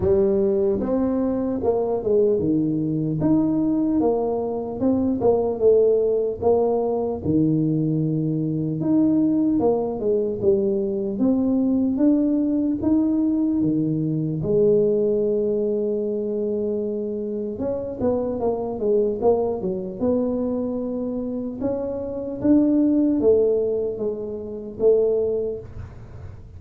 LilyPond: \new Staff \with { instrumentName = "tuba" } { \time 4/4 \tempo 4 = 75 g4 c'4 ais8 gis8 dis4 | dis'4 ais4 c'8 ais8 a4 | ais4 dis2 dis'4 | ais8 gis8 g4 c'4 d'4 |
dis'4 dis4 gis2~ | gis2 cis'8 b8 ais8 gis8 | ais8 fis8 b2 cis'4 | d'4 a4 gis4 a4 | }